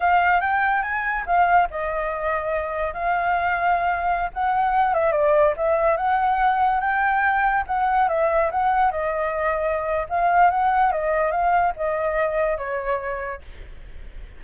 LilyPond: \new Staff \with { instrumentName = "flute" } { \time 4/4 \tempo 4 = 143 f''4 g''4 gis''4 f''4 | dis''2. f''4~ | f''2~ f''16 fis''4. e''16~ | e''16 d''4 e''4 fis''4.~ fis''16~ |
fis''16 g''2 fis''4 e''8.~ | e''16 fis''4 dis''2~ dis''8. | f''4 fis''4 dis''4 f''4 | dis''2 cis''2 | }